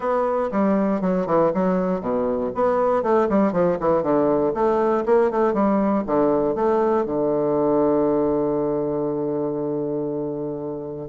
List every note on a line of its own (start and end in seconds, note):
0.00 0.50 B3
0.51 1.01 G3
1.01 1.26 F#3
1.26 1.51 E3
1.54 2.00 F#3
2.00 2.51 B2
2.54 3.03 B3
3.03 3.28 A3
3.29 3.52 G3
3.52 3.77 F3
3.80 4.02 E3
4.02 4.53 D3
4.54 5.04 A3
5.05 5.31 A#3
5.31 5.53 A3
5.53 6.03 G3
6.06 6.55 D3
6.55 7.05 A3
7.05 11.08 D3